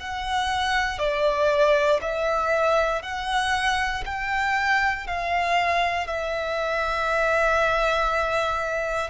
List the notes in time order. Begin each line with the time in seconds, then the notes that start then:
0.00 F#5
0.99 D5
2.02 E5
3.02 F#5
4.05 G5
5.07 F5
6.07 E5